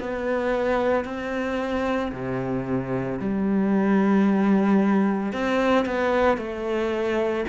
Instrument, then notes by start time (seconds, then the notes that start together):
cello
0.00 B3
1.05 C4
2.12 C3
3.19 G3
5.33 C4
5.86 B3
6.37 A3